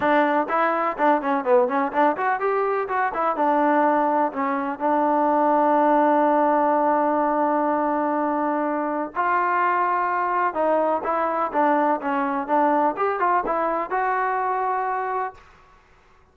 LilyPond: \new Staff \with { instrumentName = "trombone" } { \time 4/4 \tempo 4 = 125 d'4 e'4 d'8 cis'8 b8 cis'8 | d'8 fis'8 g'4 fis'8 e'8 d'4~ | d'4 cis'4 d'2~ | d'1~ |
d'2. f'4~ | f'2 dis'4 e'4 | d'4 cis'4 d'4 g'8 f'8 | e'4 fis'2. | }